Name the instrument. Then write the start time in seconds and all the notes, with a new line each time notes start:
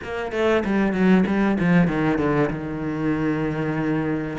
cello
0.03 A#3
0.32 A3
0.64 G3
0.92 F#3
1.26 G3
1.59 F3
1.88 D#3
2.18 D3
2.50 D#3